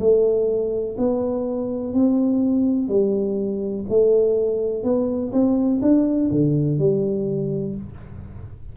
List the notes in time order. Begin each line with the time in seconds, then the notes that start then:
0.00 A3
0.98 B3
1.94 C4
2.89 G3
3.89 A3
4.84 B3
5.33 C4
5.82 D4
6.31 D3
6.79 G3